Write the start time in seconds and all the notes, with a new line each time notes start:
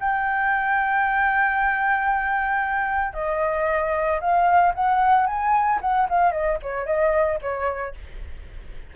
0.00 G5
3.14 D#5
4.21 F5
4.75 F#5
5.27 G#5
5.82 F#5
6.09 F5
6.32 D#5
6.63 C#5
6.86 D#5
7.42 C#5